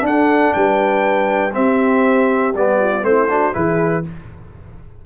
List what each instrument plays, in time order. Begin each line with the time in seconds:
0.00 trombone D4, tuba D4, horn A4
0.06 trumpet F#5
0.53 tuba G3, horn B4, trumpet G5
1.52 trombone C4, tuba C4, horn G4, trumpet E5
2.54 tuba G3, trombone B3, trumpet D5
2.79 horn F4
3.02 tuba A3, trombone C4, horn E4, trumpet C5
3.29 trombone D4, horn F#4
3.53 tuba E3, trombone E4, horn G#4, trumpet B4